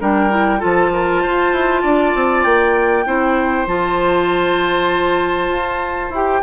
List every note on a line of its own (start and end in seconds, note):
0.00 0.62 G3
0.00 0.30 D4
0.00 0.59 A#4
0.00 0.61 G5
0.30 0.59 E4
0.59 1.25 F3
0.59 3.04 F4
0.59 0.90 A4
0.59 2.44 A5
0.93 1.22 A#4
1.22 1.52 F4
1.22 1.82 C5
1.52 1.83 E4
1.82 2.14 D4
1.82 3.04 D5
2.15 2.45 C4
2.44 3.06 A#3
2.44 3.66 G5
3.06 3.67 C4
3.06 3.67 E4
3.06 6.42 C5
3.67 5.49 F3
3.67 6.12 F4
3.67 6.12 A5
5.49 6.10 F4
6.10 6.41 E4
6.10 6.42 G4
6.10 6.42 G5